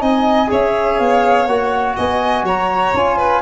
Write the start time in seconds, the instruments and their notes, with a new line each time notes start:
0.00 tuba C4, trombone D#4, violin D#5, flute G#5
0.48 tuba C#4, trombone G#4, violin C#5, flute E5
0.99 tuba B3, flute F5
1.47 tuba A#3, trombone F#4, flute F#5
1.96 tuba B3, violin D#5, flute G#5
2.44 tuba F#3, violin C#5, flute A#5
2.94 tuba C#4, trombone F4, flute G#5
3.18 violin B4